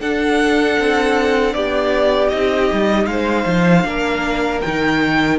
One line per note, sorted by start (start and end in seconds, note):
0.00 0.77 D4
0.00 2.29 D4
0.00 1.54 A4
0.00 1.54 F#5
0.79 1.54 C4
1.54 2.31 B3
1.54 3.10 G4
1.54 2.29 D5
2.29 2.71 C4
2.29 3.83 D#4
2.29 3.06 D#5
2.72 3.06 G3
3.06 3.45 G#3
3.06 3.87 C5
3.06 4.60 F5
3.46 3.84 F3
3.83 4.61 A#3
3.83 4.60 D4
3.83 5.39 A#4
4.61 5.39 D#3
4.61 5.39 D#4
4.61 5.38 G5